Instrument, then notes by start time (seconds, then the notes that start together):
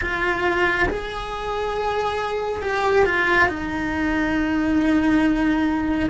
cello
0.01 F4
0.89 G#4
2.61 G4
3.05 F4
3.48 D#4